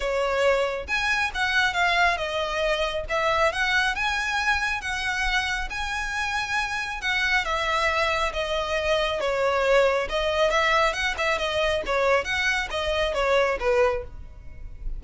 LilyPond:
\new Staff \with { instrumentName = "violin" } { \time 4/4 \tempo 4 = 137 cis''2 gis''4 fis''4 | f''4 dis''2 e''4 | fis''4 gis''2 fis''4~ | fis''4 gis''2. |
fis''4 e''2 dis''4~ | dis''4 cis''2 dis''4 | e''4 fis''8 e''8 dis''4 cis''4 | fis''4 dis''4 cis''4 b'4 | }